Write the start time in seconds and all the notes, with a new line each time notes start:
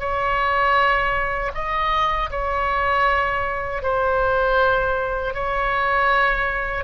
0.00 C#5
1.54 D#5
2.31 C#5
3.83 C5
5.34 C#5